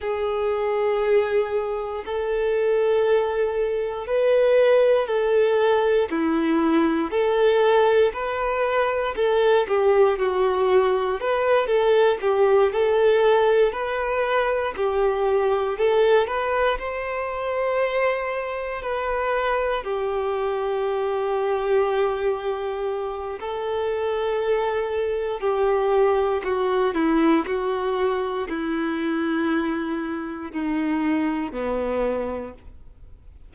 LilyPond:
\new Staff \with { instrumentName = "violin" } { \time 4/4 \tempo 4 = 59 gis'2 a'2 | b'4 a'4 e'4 a'4 | b'4 a'8 g'8 fis'4 b'8 a'8 | g'8 a'4 b'4 g'4 a'8 |
b'8 c''2 b'4 g'8~ | g'2. a'4~ | a'4 g'4 fis'8 e'8 fis'4 | e'2 dis'4 b4 | }